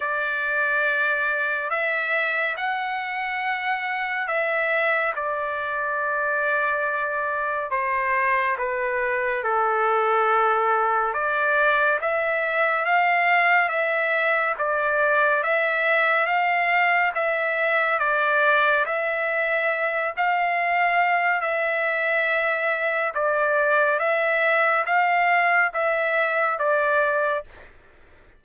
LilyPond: \new Staff \with { instrumentName = "trumpet" } { \time 4/4 \tempo 4 = 70 d''2 e''4 fis''4~ | fis''4 e''4 d''2~ | d''4 c''4 b'4 a'4~ | a'4 d''4 e''4 f''4 |
e''4 d''4 e''4 f''4 | e''4 d''4 e''4. f''8~ | f''4 e''2 d''4 | e''4 f''4 e''4 d''4 | }